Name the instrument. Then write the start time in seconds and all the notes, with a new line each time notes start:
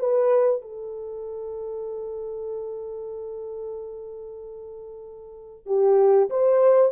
horn
0.00 B4
0.62 A4
5.67 G4
6.30 C5